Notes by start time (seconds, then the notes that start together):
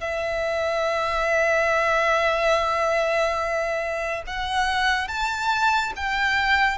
0.00 E5
4.26 F#5
5.08 A5
5.95 G5